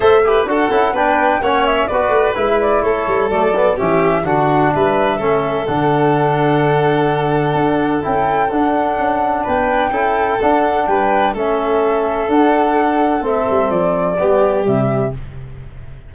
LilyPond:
<<
  \new Staff \with { instrumentName = "flute" } { \time 4/4 \tempo 4 = 127 e''4 fis''4 g''4 fis''8 e''8 | d''4 e''8 d''8 cis''4 d''4 | e''4 fis''4 e''2 | fis''1~ |
fis''4 g''4 fis''2 | g''2 fis''4 g''4 | e''2 fis''2 | e''4 d''2 e''4 | }
  \new Staff \with { instrumentName = "violin" } { \time 4/4 c''8 b'8 a'4 b'4 cis''4 | b'2 a'2 | g'4 fis'4 b'4 a'4~ | a'1~ |
a'1 | b'4 a'2 b'4 | a'1~ | a'2 g'2 | }
  \new Staff \with { instrumentName = "trombone" } { \time 4/4 a'8 g'8 fis'8 e'8 d'4 cis'4 | fis'4 e'2 a8 b8 | cis'4 d'2 cis'4 | d'1~ |
d'4 e'4 d'2~ | d'4 e'4 d'2 | cis'2 d'2 | c'2 b4 g4 | }
  \new Staff \with { instrumentName = "tuba" } { \time 4/4 a4 d'8 cis'8 b4 ais4 | b8 a8 gis4 a8 g8 fis4 | e4 d4 g4 a4 | d1 |
d'4 cis'4 d'4 cis'4 | b4 cis'4 d'4 g4 | a2 d'2 | a8 g8 f4 g4 c4 | }
>>